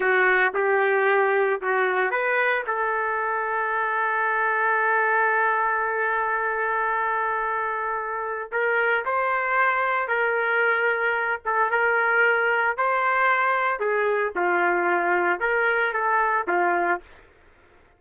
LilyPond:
\new Staff \with { instrumentName = "trumpet" } { \time 4/4 \tempo 4 = 113 fis'4 g'2 fis'4 | b'4 a'2.~ | a'1~ | a'1 |
ais'4 c''2 ais'4~ | ais'4. a'8 ais'2 | c''2 gis'4 f'4~ | f'4 ais'4 a'4 f'4 | }